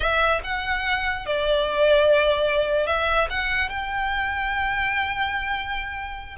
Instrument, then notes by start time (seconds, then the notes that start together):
violin
0.00 E5
0.43 F#5
1.25 D5
2.87 E5
3.30 F#5
3.69 G5